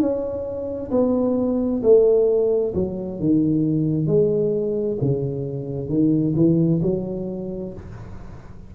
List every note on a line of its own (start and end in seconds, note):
0.00 0.91 C#4
0.91 1.82 B3
1.83 2.74 A3
2.75 3.20 F#3
3.20 4.07 D#3
4.07 4.98 G#3
5.02 5.89 C#3
5.89 6.35 D#3
6.36 6.81 E3
6.83 7.74 F#3